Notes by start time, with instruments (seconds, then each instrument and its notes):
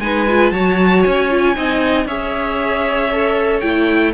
0.00 cello G#3, viola D#4, violin B4 G#5
0.28 viola F4
0.51 cello F#3, viola F#4, violin C#5 A5
1.03 cello C#4, violin G#5
1.30 viola F4
1.55 cello C4, viola D#4, violin D#5
2.06 cello C#4, viola G#4, violin C#5 E5
3.12 viola A4
3.60 cello A3, viola E4, violin G5